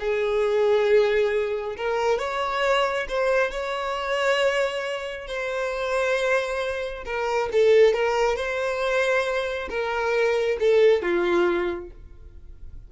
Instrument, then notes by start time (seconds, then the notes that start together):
violin
0.00 G#4
1.77 A#4
2.19 C#5
3.09 C5
3.51 C#5
5.28 C5
7.05 A#4
7.52 A4
7.94 A#4
8.37 C5
9.69 A#4
10.60 A4
11.03 F4